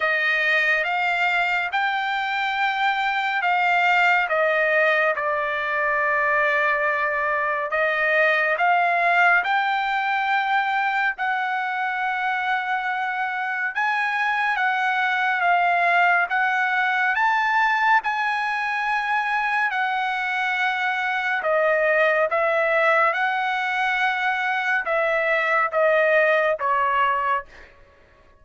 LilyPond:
\new Staff \with { instrumentName = "trumpet" } { \time 4/4 \tempo 4 = 70 dis''4 f''4 g''2 | f''4 dis''4 d''2~ | d''4 dis''4 f''4 g''4~ | g''4 fis''2. |
gis''4 fis''4 f''4 fis''4 | a''4 gis''2 fis''4~ | fis''4 dis''4 e''4 fis''4~ | fis''4 e''4 dis''4 cis''4 | }